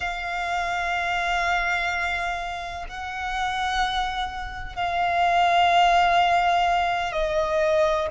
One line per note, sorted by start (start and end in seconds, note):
0.00 2.85 F5
2.88 4.75 F#5
4.75 7.12 F5
7.12 8.07 D#5